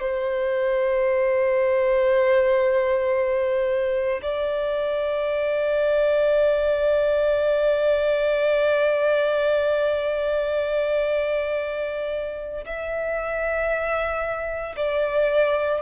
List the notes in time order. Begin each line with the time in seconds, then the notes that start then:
0.00 C5
4.22 D5
12.65 E5
14.77 D5